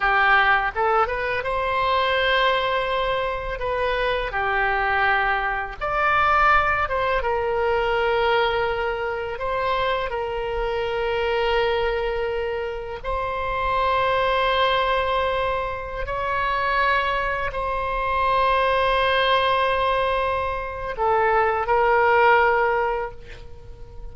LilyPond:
\new Staff \with { instrumentName = "oboe" } { \time 4/4 \tempo 4 = 83 g'4 a'8 b'8 c''2~ | c''4 b'4 g'2 | d''4. c''8 ais'2~ | ais'4 c''4 ais'2~ |
ais'2 c''2~ | c''2~ c''16 cis''4.~ cis''16~ | cis''16 c''2.~ c''8.~ | c''4 a'4 ais'2 | }